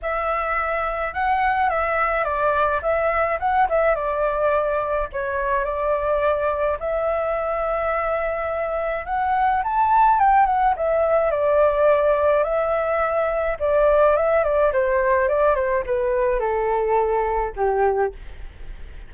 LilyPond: \new Staff \with { instrumentName = "flute" } { \time 4/4 \tempo 4 = 106 e''2 fis''4 e''4 | d''4 e''4 fis''8 e''8 d''4~ | d''4 cis''4 d''2 | e''1 |
fis''4 a''4 g''8 fis''8 e''4 | d''2 e''2 | d''4 e''8 d''8 c''4 d''8 c''8 | b'4 a'2 g'4 | }